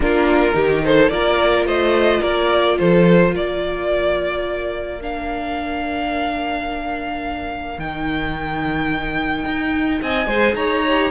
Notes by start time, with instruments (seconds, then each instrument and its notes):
0.00 cello A#3, viola D4, violin F4 A#4
0.53 cello D#3, viola D#4, violin G4
0.84 violin A4 C5
1.08 cello A#3, viola F4, violin A#4 D5
1.65 cello A3, violin C5 D#5
2.20 cello A#3, violin A#4 D5
2.78 cello F3, violin A4 C5
3.32 cello A#3, violin A#4 D5
5.01 viola D4, violin F5
7.78 cello D#3, viola D#4, violin G5
9.45 cello D#4
10.01 cello C4, violin D#5 G#5
10.26 cello G#3, viola G#4, violin C5
10.54 cello D#4, violin C#5 A#5
10.87 viola G4